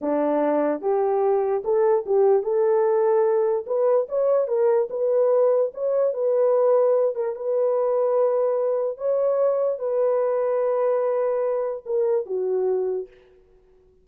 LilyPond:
\new Staff \with { instrumentName = "horn" } { \time 4/4 \tempo 4 = 147 d'2 g'2 | a'4 g'4 a'2~ | a'4 b'4 cis''4 ais'4 | b'2 cis''4 b'4~ |
b'4. ais'8 b'2~ | b'2 cis''2 | b'1~ | b'4 ais'4 fis'2 | }